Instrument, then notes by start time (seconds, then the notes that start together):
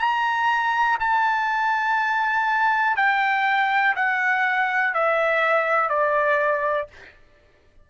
trumpet
0.00 A#5
1.00 A5
2.97 G5
3.96 F#5
4.94 E5
5.89 D5